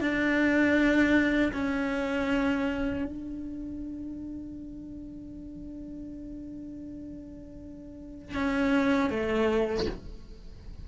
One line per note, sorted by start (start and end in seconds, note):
0.00 1.52 D4
1.53 3.05 C#4
3.05 8.34 D4
8.34 9.10 C#4
9.10 9.86 A3